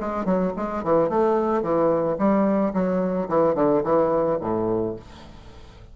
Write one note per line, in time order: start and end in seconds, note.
0.00 0.25 G#3
0.25 0.53 F#3
0.57 0.84 G#3
0.84 1.09 E3
1.09 1.62 A3
1.62 2.17 E3
2.18 2.73 G3
2.73 3.29 F#3
3.29 3.55 E3
3.55 3.83 D3
3.84 4.39 E3
4.41 4.96 A2